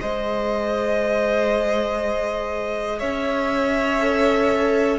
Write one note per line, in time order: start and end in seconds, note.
0.00 3.02 G#3
0.00 3.99 G#4
0.00 2.98 C5
0.00 2.99 D#5
2.98 4.98 C#4
2.98 4.98 C#5
2.98 4.98 E5
3.99 4.98 A4